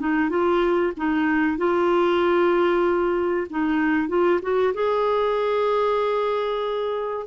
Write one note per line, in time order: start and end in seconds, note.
0.00 0.30 D#4
0.30 0.93 F4
0.97 1.58 D#4
1.58 3.48 F4
3.50 4.09 D#4
4.09 4.41 F4
4.42 4.74 F#4
4.75 7.27 G#4